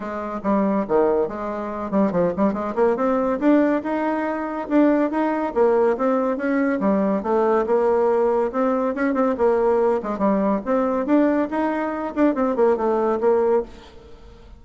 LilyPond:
\new Staff \with { instrumentName = "bassoon" } { \time 4/4 \tempo 4 = 141 gis4 g4 dis4 gis4~ | gis8 g8 f8 g8 gis8 ais8 c'4 | d'4 dis'2 d'4 | dis'4 ais4 c'4 cis'4 |
g4 a4 ais2 | c'4 cis'8 c'8 ais4. gis8 | g4 c'4 d'4 dis'4~ | dis'8 d'8 c'8 ais8 a4 ais4 | }